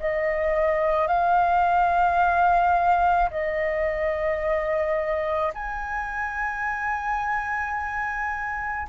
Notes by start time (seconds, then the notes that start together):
0.00 D#5
1.08 F5
3.31 D#5
5.54 G#5